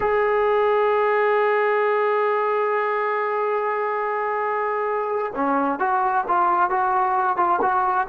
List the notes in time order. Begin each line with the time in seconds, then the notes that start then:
0.00 G#4
5.35 C#4
5.79 F#4
6.28 F4
6.69 F#4
7.37 F4
7.61 F#4